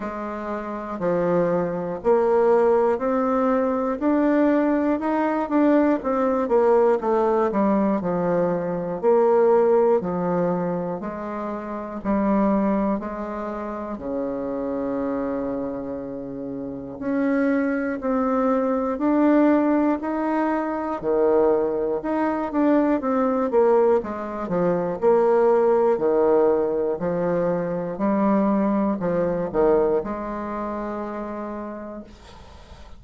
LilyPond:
\new Staff \with { instrumentName = "bassoon" } { \time 4/4 \tempo 4 = 60 gis4 f4 ais4 c'4 | d'4 dis'8 d'8 c'8 ais8 a8 g8 | f4 ais4 f4 gis4 | g4 gis4 cis2~ |
cis4 cis'4 c'4 d'4 | dis'4 dis4 dis'8 d'8 c'8 ais8 | gis8 f8 ais4 dis4 f4 | g4 f8 dis8 gis2 | }